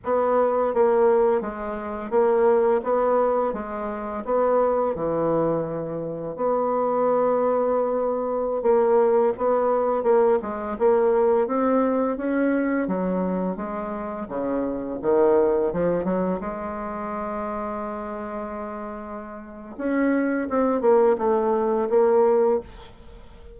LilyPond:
\new Staff \with { instrumentName = "bassoon" } { \time 4/4 \tempo 4 = 85 b4 ais4 gis4 ais4 | b4 gis4 b4 e4~ | e4 b2.~ | b16 ais4 b4 ais8 gis8 ais8.~ |
ais16 c'4 cis'4 fis4 gis8.~ | gis16 cis4 dis4 f8 fis8 gis8.~ | gis1 | cis'4 c'8 ais8 a4 ais4 | }